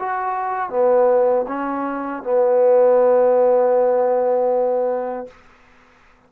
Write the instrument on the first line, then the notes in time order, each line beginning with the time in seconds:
trombone
0.00 F#4
0.70 B3
1.48 C#4
2.24 B3